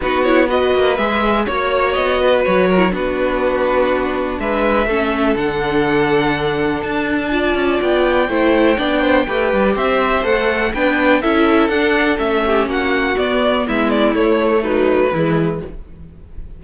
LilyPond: <<
  \new Staff \with { instrumentName = "violin" } { \time 4/4 \tempo 4 = 123 b'8 cis''8 dis''4 e''4 cis''4 | dis''4 cis''4 b'2~ | b'4 e''2 fis''4~ | fis''2 a''2 |
g''1 | e''4 fis''4 g''4 e''4 | fis''4 e''4 fis''4 d''4 | e''8 d''8 cis''4 b'2 | }
  \new Staff \with { instrumentName = "violin" } { \time 4/4 fis'4 b'2 cis''4~ | cis''8 b'4 ais'8 fis'2~ | fis'4 b'4 a'2~ | a'2. d''4~ |
d''4 c''4 d''8 c''8 b'4 | c''2 b'4 a'4~ | a'4. g'8 fis'2 | e'2 dis'4 e'4 | }
  \new Staff \with { instrumentName = "viola" } { \time 4/4 dis'8 e'8 fis'4 gis'4 fis'4~ | fis'4.~ fis'16 e'16 d'2~ | d'2 cis'4 d'4~ | d'2. f'4~ |
f'4 e'4 d'4 g'4~ | g'4 a'4 d'4 e'4 | d'4 cis'2 b4~ | b4 a4 fis4 gis4 | }
  \new Staff \with { instrumentName = "cello" } { \time 4/4 b4. ais8 gis4 ais4 | b4 fis4 b2~ | b4 gis4 a4 d4~ | d2 d'4. cis'8 |
b4 a4 b4 a8 g8 | c'4 a4 b4 cis'4 | d'4 a4 ais4 b4 | gis4 a2 e4 | }
>>